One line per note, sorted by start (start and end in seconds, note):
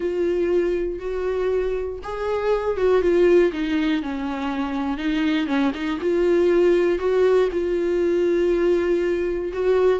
0.00 0.99 F4
0.99 1.99 F#4
2.03 2.77 G#4
2.77 3.01 F#4
3.01 3.51 F4
3.52 4.02 D#4
4.02 4.97 C#4
4.97 5.46 D#4
5.46 5.71 C#4
5.74 5.99 D#4
6.00 6.99 F4
6.99 7.49 F#4
7.52 9.52 F4
9.53 9.99 F#4